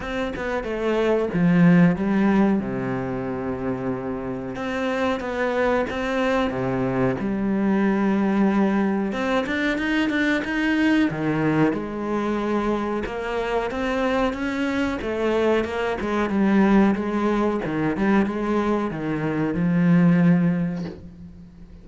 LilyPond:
\new Staff \with { instrumentName = "cello" } { \time 4/4 \tempo 4 = 92 c'8 b8 a4 f4 g4 | c2. c'4 | b4 c'4 c4 g4~ | g2 c'8 d'8 dis'8 d'8 |
dis'4 dis4 gis2 | ais4 c'4 cis'4 a4 | ais8 gis8 g4 gis4 dis8 g8 | gis4 dis4 f2 | }